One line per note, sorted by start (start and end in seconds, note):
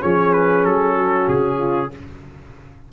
0.00 0.65 F3
0.00 1.91 C#4
0.00 0.95 G#4
0.00 0.33 C#5
0.33 0.64 B4
0.64 1.28 F#3
0.64 1.28 A4
0.95 1.58 F#4
1.28 1.92 C#3
1.28 1.92 G#4
1.58 1.90 F4